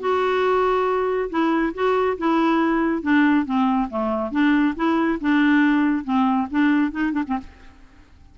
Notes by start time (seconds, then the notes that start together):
0.00 F#4
1.30 E4
1.74 F#4
2.18 E4
3.02 D4
3.46 C4
3.90 A3
4.32 D4
4.76 E4
5.21 D4
6.04 C4
6.51 D4
6.91 D#4
7.12 D4
7.27 C4